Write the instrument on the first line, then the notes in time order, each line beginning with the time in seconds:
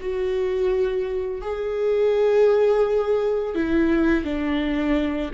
viola
0.00 F#4
1.41 G#4
3.55 E4
4.24 D4